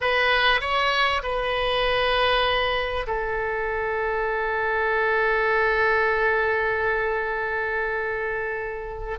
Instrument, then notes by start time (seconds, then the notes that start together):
oboe
0.00 B4
0.60 C#5
1.22 B4
3.06 A4